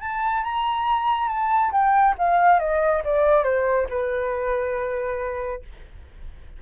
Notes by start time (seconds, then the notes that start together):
0.00 A5
0.43 A#5
1.28 A5
1.72 G5
2.18 F5
2.59 D#5
3.04 D5
3.44 C5
3.89 B4